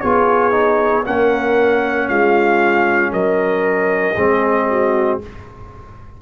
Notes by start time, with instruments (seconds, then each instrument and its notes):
0.00 tuba B3, trombone F4, horn G#4, trumpet C#5
0.51 trombone D#4
1.04 tuba A#3, trombone C#4, horn A#4, trumpet F#5
2.08 tuba G#3, horn F4, trumpet F5
3.12 tuba F#3, horn A#4, trumpet D#5
4.15 tuba G#3, trombone C4, horn G#4
4.69 horn F#4